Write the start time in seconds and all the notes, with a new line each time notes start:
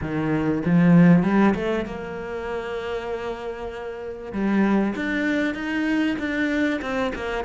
0.01 D#3
0.65 F3
1.23 G3
1.54 A3
1.85 A#3
4.32 G3
4.95 D4
5.54 D#4
6.18 D4
6.81 C4
7.15 A#3